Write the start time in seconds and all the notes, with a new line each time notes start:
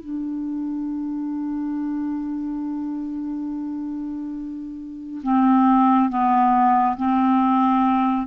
0.00 D4
5.23 C4
6.09 B3
6.97 C4